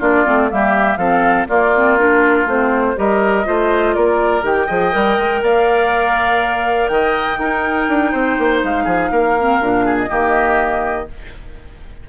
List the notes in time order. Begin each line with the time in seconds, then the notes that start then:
0.00 A#3 D4 F4 D5
0.26 A3 C4
0.50 G3 A#3 G4 E5
0.97 F3 C4 A4 F5
1.48 A#3 F4 D5
1.76 C4
1.99 D4 A#4
2.46 A3 C4 C5
2.96 G3 G4 A#4 D#5
3.45 A3 F4 C5
3.95 A#3 A#4 D5
4.43 D#3 G4 G5
4.67 F3 G#4 D#5
4.93 G3 A#4
5.18 G#3
5.42 A#3 D5 F5
6.88 D#3 D#5 G5
7.39 D#4 A#4
7.89 D4
8.12 C4 C5
8.39 A#3
8.64 G#3 F5
8.85 F3 G#4
9.11 A#3 A#4
9.39 C4
9.61 A#2 D4
9.86 G#4
9.98 D#5
10.08 D#3 A#3 G4